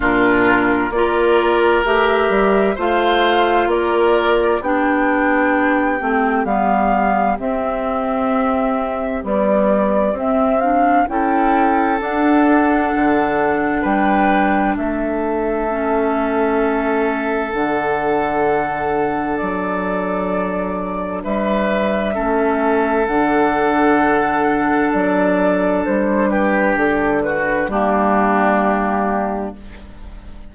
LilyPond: <<
  \new Staff \with { instrumentName = "flute" } { \time 4/4 \tempo 4 = 65 ais'4 d''4 e''4 f''4 | d''4 g''2 f''4 | e''2 d''4 e''8 f''8 | g''4 fis''2 g''4 |
e''2. fis''4~ | fis''4 d''2 e''4~ | e''4 fis''2 d''4 | c''8 b'8 a'8 b'8 g'2 | }
  \new Staff \with { instrumentName = "oboe" } { \time 4/4 f'4 ais'2 c''4 | ais'4 g'2.~ | g'1 | a'2. b'4 |
a'1~ | a'2. b'4 | a'1~ | a'8 g'4 fis'8 d'2 | }
  \new Staff \with { instrumentName = "clarinet" } { \time 4/4 d'4 f'4 g'4 f'4~ | f'4 d'4. c'8 b4 | c'2 g4 c'8 d'8 | e'4 d'2.~ |
d'4 cis'2 d'4~ | d'1 | cis'4 d'2.~ | d'2 ais2 | }
  \new Staff \with { instrumentName = "bassoon" } { \time 4/4 ais,4 ais4 a8 g8 a4 | ais4 b4. a8 g4 | c'2 b4 c'4 | cis'4 d'4 d4 g4 |
a2. d4~ | d4 fis2 g4 | a4 d2 fis4 | g4 d4 g2 | }
>>